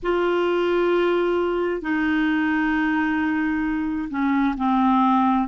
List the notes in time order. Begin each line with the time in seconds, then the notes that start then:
0.02 F4
1.81 D#4
4.10 C#4
4.57 C4